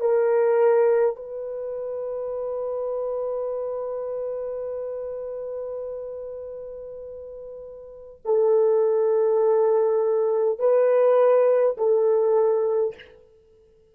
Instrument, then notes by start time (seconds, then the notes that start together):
horn
0.00 A#4
1.16 B4
8.25 A4
10.59 B4
11.78 A4